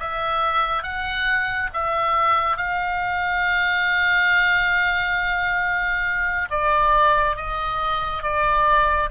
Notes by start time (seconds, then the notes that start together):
0.00 E5
0.83 F#5
1.74 E5
2.58 F5
6.51 D5
7.37 D#5
8.23 D5